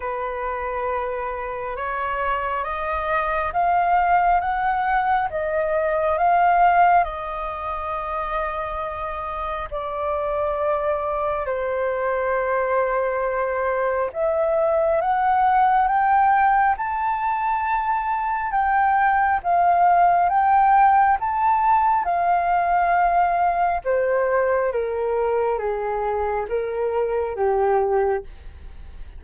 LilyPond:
\new Staff \with { instrumentName = "flute" } { \time 4/4 \tempo 4 = 68 b'2 cis''4 dis''4 | f''4 fis''4 dis''4 f''4 | dis''2. d''4~ | d''4 c''2. |
e''4 fis''4 g''4 a''4~ | a''4 g''4 f''4 g''4 | a''4 f''2 c''4 | ais'4 gis'4 ais'4 g'4 | }